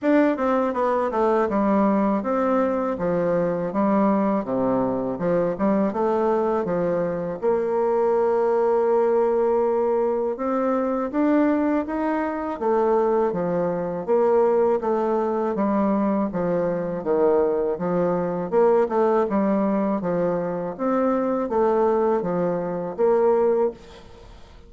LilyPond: \new Staff \with { instrumentName = "bassoon" } { \time 4/4 \tempo 4 = 81 d'8 c'8 b8 a8 g4 c'4 | f4 g4 c4 f8 g8 | a4 f4 ais2~ | ais2 c'4 d'4 |
dis'4 a4 f4 ais4 | a4 g4 f4 dis4 | f4 ais8 a8 g4 f4 | c'4 a4 f4 ais4 | }